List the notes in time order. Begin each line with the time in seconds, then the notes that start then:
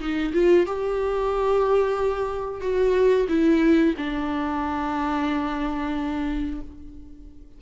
0.00 D#4
0.34 F4
0.66 G4
2.61 F#4
3.29 E4
3.98 D4